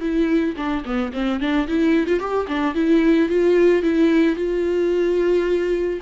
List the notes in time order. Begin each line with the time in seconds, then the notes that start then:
0.00 E4
0.56 D4
0.85 B3
1.13 C4
1.40 D4
1.67 E4
2.06 F4
2.19 G4
2.47 D4
2.74 E4
3.29 F4
3.82 E4
4.36 F4